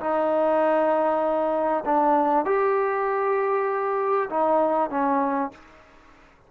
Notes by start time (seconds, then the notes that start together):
0.00 D#4
1.85 D4
2.45 G4
4.30 D#4
4.90 C#4